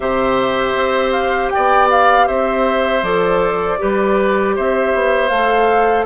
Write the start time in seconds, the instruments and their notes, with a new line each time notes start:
0.00 bassoon C3, clarinet G4, oboe C5, flute E5
0.74 bassoon C4
1.11 flute F5
1.50 bassoon B3, oboe D5, flute G5
1.90 flute F5
2.27 bassoon C4, oboe C5, flute E5
3.02 bassoon F3, clarinet A4, flute D5
3.78 bassoon G3, clarinet G4, oboe B4
4.55 bassoon C4, oboe C5, flute E5
4.94 bassoon B3
5.28 bassoon A3, clarinet A4, flute F5